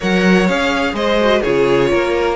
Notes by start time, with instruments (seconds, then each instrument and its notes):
0.00 cello F#3, viola A#4, violin C#5 F#5
0.47 cello C#4, viola G#4, violin F5
0.93 cello G#3, violin C5 D#5
1.20 viola F#4
1.41 cello C#3, viola F4, violin G#4 C#5
1.90 cello A#3, violin A#4